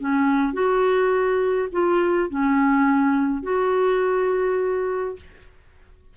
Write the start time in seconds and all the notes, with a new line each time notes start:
0.00 C#4
0.53 F#4
1.72 F4
2.30 C#4
3.43 F#4